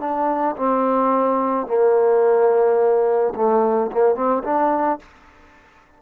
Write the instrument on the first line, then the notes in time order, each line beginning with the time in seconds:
trombone
0.00 D4
0.57 C4
1.67 A#3
3.35 A3
3.92 A#3
4.15 C4
4.44 D4